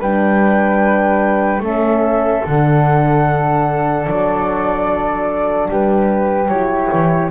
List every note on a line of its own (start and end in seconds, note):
0.00 1.60 G3
0.00 1.63 D4
0.00 1.62 B4
0.00 1.64 G5
1.60 2.41 A3
1.60 2.44 C#4
1.60 5.70 A4
1.60 2.47 E5
2.45 4.07 D3
2.45 6.50 D4
2.45 4.06 F#5
4.06 5.70 F#3
4.06 5.68 D5
5.70 6.49 G3
5.70 7.31 G4
5.70 6.49 B4
6.49 6.89 F#3
6.49 7.31 E4
6.49 7.30 C#5
6.93 7.31 E3